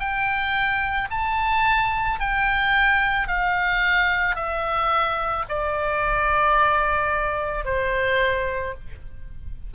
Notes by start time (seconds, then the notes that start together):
0.00 G5
1.11 A5
2.20 G5
3.28 F5
4.36 E5
5.49 D5
7.65 C5